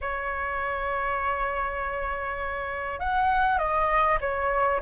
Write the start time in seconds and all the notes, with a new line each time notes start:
0.01 C#5
2.99 F#5
3.58 D#5
4.20 C#5